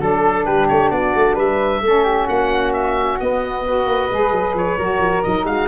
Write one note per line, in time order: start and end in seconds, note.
0.00 0.46 F#3
0.00 1.82 D4
0.00 0.46 A4
0.00 0.45 A4
0.45 0.69 G3
0.45 0.91 G4
0.45 0.67 B4
0.68 0.91 A3
0.68 0.90 C#5
0.90 1.13 B3
0.90 1.34 F#4
0.90 1.35 D5
1.15 1.37 A3
1.34 1.82 G3
1.34 1.80 B4
1.34 2.28 E5
1.82 2.27 A3
1.82 3.20 C#4
1.82 2.03 A4
2.03 2.25 G4
2.25 3.20 A#3
2.25 3.62 F#4
2.25 2.73 F#5
2.73 3.19 E5
3.20 3.65 B3
3.20 3.86 B3
3.20 4.56 D#5
3.66 4.10 F#4
3.66 4.78 B4
3.86 4.09 A#3
4.10 4.32 G#3
4.10 4.78 G#4
4.32 4.54 F#3
4.54 4.77 F3
4.54 5.23 C#5
4.77 4.99 F#3
4.77 5.24 F#4
4.77 5.45 A#4
4.99 5.22 F3
5.23 5.45 F#3
5.23 5.68 D#4
5.23 5.45 D#5
5.45 5.68 G#3
5.45 5.68 F#4
5.45 5.68 F5